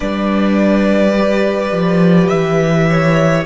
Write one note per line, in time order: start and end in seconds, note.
0.00 1.71 G3
0.00 1.12 D4
0.00 2.86 B4
0.00 2.28 D5
1.18 3.45 G4
1.71 2.29 F3
2.28 3.45 E3
2.28 3.43 E5
2.89 3.45 C#5